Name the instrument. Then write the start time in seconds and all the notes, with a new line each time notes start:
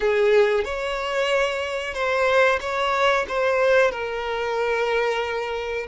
violin
0.00 G#4
0.64 C#5
1.94 C5
2.60 C#5
3.28 C5
3.91 A#4